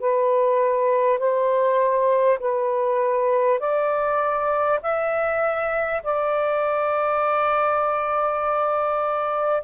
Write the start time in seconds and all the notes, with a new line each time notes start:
0.00 B4
1.19 C5
2.39 B4
3.60 D5
4.83 E5
6.03 D5